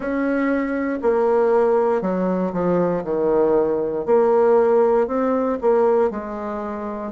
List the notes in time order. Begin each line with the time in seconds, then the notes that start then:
0.00 C#4
1.02 A#3
2.01 F#3
2.52 F3
3.04 D#3
4.05 A#3
5.07 C4
5.61 A#3
6.10 G#3